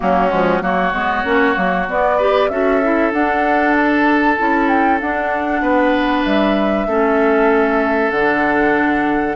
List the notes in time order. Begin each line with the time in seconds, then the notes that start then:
0.00 F#3 A#3 C#4 F#4
0.29 F3 G#3
0.61 F#3 A#3 F#4 C#5
0.92 G#3 B3
1.24 A#3 C#4
1.54 F#3 A#3
1.88 B3 D5
2.17 G4 B4
2.49 C#4 F#4 A4 E5
2.83 E4
3.12 D4 F#5
3.76 A5
4.37 C#4 E4
4.68 G5
5.00 D4 F#5
5.61 B3 B4
6.23 G3 E5
6.86 A3 C#4 A4
8.10 D3 D4 F#5